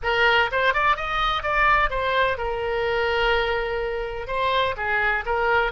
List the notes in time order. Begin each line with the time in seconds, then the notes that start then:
0.02 A#4
0.51 C5
0.73 D5
0.96 D#5
1.42 D5
1.90 C5
2.37 A#4
4.27 C5
4.76 G#4
5.25 A#4